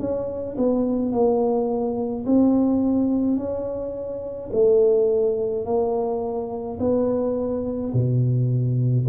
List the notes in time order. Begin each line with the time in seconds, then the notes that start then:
0.00 C#4
0.58 B3
1.12 A#3
2.26 C4
3.38 C#4
4.53 A3
5.65 A#3
6.80 B3
7.93 B2